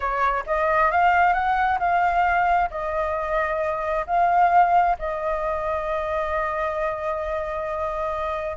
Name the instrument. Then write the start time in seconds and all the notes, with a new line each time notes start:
flute
0.00 C#5
0.46 D#5
0.91 F5
1.33 F#5
1.79 F5
2.70 D#5
4.06 F5
4.98 D#5